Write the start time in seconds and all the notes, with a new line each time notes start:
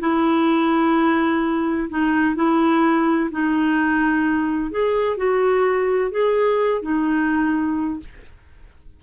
0.00 E4
1.90 D#4
2.36 E4
3.31 D#4
4.71 G#4
5.17 F#4
6.11 G#4
6.82 D#4